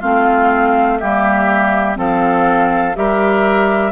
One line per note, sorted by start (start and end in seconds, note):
0.00 1.01 A3
0.00 1.00 C4
0.00 0.98 F4
0.00 0.98 F5
0.98 1.97 G3
0.98 1.95 A#3
0.98 1.98 G4
0.98 1.96 E5
1.95 2.95 F3
1.95 2.93 C4
1.95 2.96 A4
1.95 2.96 F5
2.94 3.92 G3
2.94 3.92 G4
2.94 3.92 A#4
2.94 3.92 E5